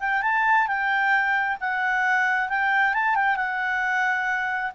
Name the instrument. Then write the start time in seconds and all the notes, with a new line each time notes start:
clarinet
0.00 G5
0.23 A5
0.68 G5
1.61 F#5
2.49 G5
2.94 A5
3.16 G5
3.37 F#5